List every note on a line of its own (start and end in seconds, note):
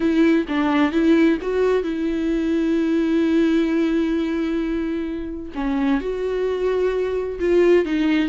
0.00 0.45 E4
0.48 0.91 D4
0.91 1.38 E4
1.41 1.83 F#4
1.83 5.52 E4
5.54 6.00 C#4
6.00 7.39 F#4
7.39 7.85 F4
7.85 8.28 D#4